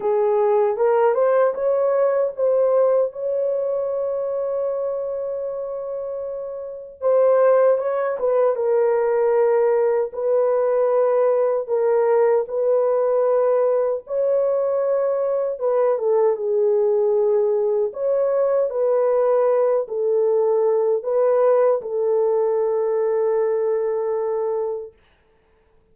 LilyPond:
\new Staff \with { instrumentName = "horn" } { \time 4/4 \tempo 4 = 77 gis'4 ais'8 c''8 cis''4 c''4 | cis''1~ | cis''4 c''4 cis''8 b'8 ais'4~ | ais'4 b'2 ais'4 |
b'2 cis''2 | b'8 a'8 gis'2 cis''4 | b'4. a'4. b'4 | a'1 | }